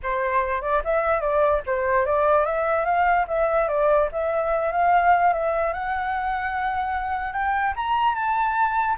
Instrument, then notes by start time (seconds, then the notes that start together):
flute
0.02 C5
0.61 D5
0.84 E5
1.21 D5
1.66 C5
2.05 D5
2.45 E5
2.85 F5
3.27 E5
3.68 D5
4.12 E5
4.72 F5
5.33 E5
5.73 F#5
7.32 G5
7.76 A#5
8.14 A5